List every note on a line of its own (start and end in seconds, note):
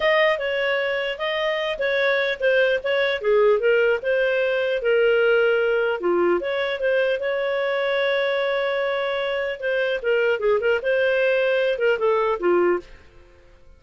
0.00 0.38 D#5
0.38 1.18 C#5
1.18 1.78 D#5
1.78 2.38 C#5
2.39 2.79 C5
2.83 3.21 C#5
3.21 3.59 G#4
3.59 3.99 A#4
4.02 4.81 C5
4.81 6.00 A#4
6.00 6.40 F4
6.40 6.80 C#5
6.80 7.19 C5
7.19 9.59 C#5
9.60 10.00 C5
10.02 10.39 A#4
10.39 10.59 G#4
10.60 10.80 A#4
10.82 11.78 C5
11.78 11.98 A#4
11.99 12.39 A4
12.39 12.79 F4